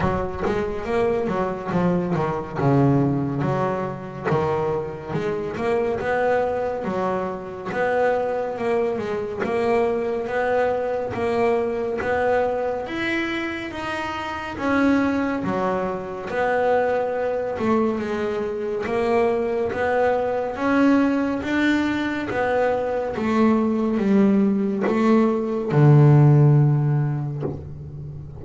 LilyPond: \new Staff \with { instrumentName = "double bass" } { \time 4/4 \tempo 4 = 70 fis8 gis8 ais8 fis8 f8 dis8 cis4 | fis4 dis4 gis8 ais8 b4 | fis4 b4 ais8 gis8 ais4 | b4 ais4 b4 e'4 |
dis'4 cis'4 fis4 b4~ | b8 a8 gis4 ais4 b4 | cis'4 d'4 b4 a4 | g4 a4 d2 | }